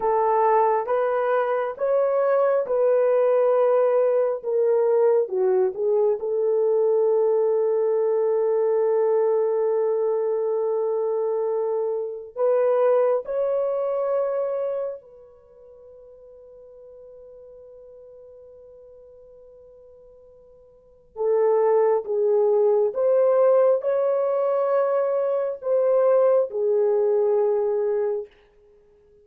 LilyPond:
\new Staff \with { instrumentName = "horn" } { \time 4/4 \tempo 4 = 68 a'4 b'4 cis''4 b'4~ | b'4 ais'4 fis'8 gis'8 a'4~ | a'1~ | a'2 b'4 cis''4~ |
cis''4 b'2.~ | b'1 | a'4 gis'4 c''4 cis''4~ | cis''4 c''4 gis'2 | }